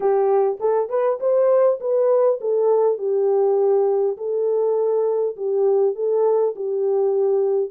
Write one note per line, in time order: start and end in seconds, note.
0.00 0.58 G4
0.60 0.89 A4
0.89 1.19 B4
1.19 1.79 C5
1.80 2.39 B4
2.40 2.98 A4
2.98 4.16 G4
4.17 5.35 A4
5.36 5.95 G4
5.95 6.54 A4
6.55 7.70 G4